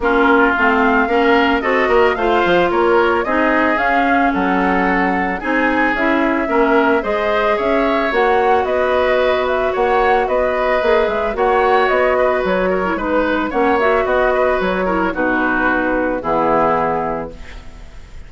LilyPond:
<<
  \new Staff \with { instrumentName = "flute" } { \time 4/4 \tempo 4 = 111 ais'4 f''2 dis''4 | f''4 cis''4 dis''4 f''4 | fis''2 gis''4 e''4~ | e''4 dis''4 e''4 fis''4 |
dis''4. e''8 fis''4 dis''4~ | dis''8 e''8 fis''4 dis''4 cis''4 | b'4 fis''8 e''8 dis''4 cis''4 | b'2 gis'2 | }
  \new Staff \with { instrumentName = "oboe" } { \time 4/4 f'2 ais'4 a'8 ais'8 | c''4 ais'4 gis'2 | a'2 gis'2 | ais'4 c''4 cis''2 |
b'2 cis''4 b'4~ | b'4 cis''4. b'4 ais'8 | b'4 cis''4 fis'8 b'4 ais'8 | fis'2 e'2 | }
  \new Staff \with { instrumentName = "clarinet" } { \time 4/4 cis'4 c'4 cis'4 fis'4 | f'2 dis'4 cis'4~ | cis'2 dis'4 e'4 | cis'4 gis'2 fis'4~ |
fis'1 | gis'4 fis'2~ fis'8. e'16 | dis'4 cis'8 fis'2 e'8 | dis'2 b2 | }
  \new Staff \with { instrumentName = "bassoon" } { \time 4/4 ais4 a4 ais4 c'8 ais8 | a8 f8 ais4 c'4 cis'4 | fis2 c'4 cis'4 | ais4 gis4 cis'4 ais4 |
b2 ais4 b4 | ais8 gis8 ais4 b4 fis4 | gis4 ais4 b4 fis4 | b,2 e2 | }
>>